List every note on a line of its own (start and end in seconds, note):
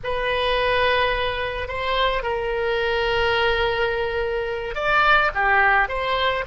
0.03 1.68 B4
1.68 2.23 C5
2.23 4.74 A#4
4.74 5.30 D5
5.34 5.88 G4
5.88 6.44 C5